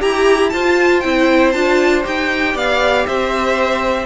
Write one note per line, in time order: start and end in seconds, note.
0.00 0.53 E4
0.00 0.51 G4
0.00 0.53 G4
0.00 0.49 A#5
0.49 1.04 F4
0.49 1.03 F4
0.49 2.54 C5
0.49 1.00 A5
1.00 1.54 C4
1.00 1.54 E4
1.00 1.51 G5
1.52 2.05 D4
1.52 2.03 F4
1.52 2.03 A5
2.03 2.54 D#4
2.03 4.06 G4
2.03 2.57 G5
2.54 3.05 B3
2.54 3.05 D5
2.54 3.06 F5
3.06 4.06 C4
3.06 4.06 C5
3.06 4.06 E5